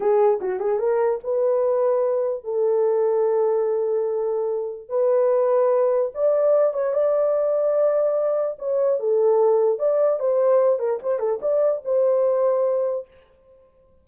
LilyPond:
\new Staff \with { instrumentName = "horn" } { \time 4/4 \tempo 4 = 147 gis'4 fis'8 gis'8 ais'4 b'4~ | b'2 a'2~ | a'1 | b'2. d''4~ |
d''8 cis''8 d''2.~ | d''4 cis''4 a'2 | d''4 c''4. ais'8 c''8 a'8 | d''4 c''2. | }